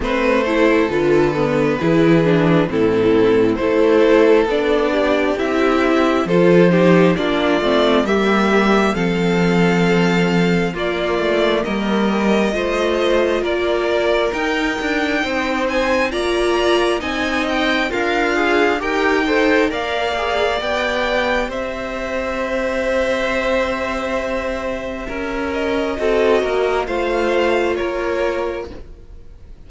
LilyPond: <<
  \new Staff \with { instrumentName = "violin" } { \time 4/4 \tempo 4 = 67 c''4 b'2 a'4 | c''4 d''4 e''4 c''4 | d''4 e''4 f''2 | d''4 dis''2 d''4 |
g''4. gis''8 ais''4 gis''8 g''8 | f''4 g''4 f''4 g''4 | e''1~ | e''8 dis''4. f''4 cis''4 | }
  \new Staff \with { instrumentName = "violin" } { \time 4/4 b'8 a'4. gis'4 e'4 | a'4. g'4. a'8 g'8 | f'4 g'4 a'2 | f'4 ais'4 c''4 ais'4~ |
ais'4 c''4 d''4 dis''4 | f'4 ais'8 c''8 d''2 | c''1 | ais'4 a'8 ais'8 c''4 ais'4 | }
  \new Staff \with { instrumentName = "viola" } { \time 4/4 c'8 e'8 f'8 b8 e'8 d'8 c'4 | e'4 d'4 e'4 f'8 dis'8 | d'8 c'8 ais4 c'2 | ais2 f'2 |
dis'2 f'4 dis'4 | ais'8 gis'8 g'8 a'8 ais'8 gis'8 g'4~ | g'1~ | g'4 fis'4 f'2 | }
  \new Staff \with { instrumentName = "cello" } { \time 4/4 a4 d4 e4 a,4 | a4 b4 c'4 f4 | ais8 a8 g4 f2 | ais8 a8 g4 a4 ais4 |
dis'8 d'8 c'4 ais4 c'4 | d'4 dis'4 ais4 b4 | c'1 | cis'4 c'8 ais8 a4 ais4 | }
>>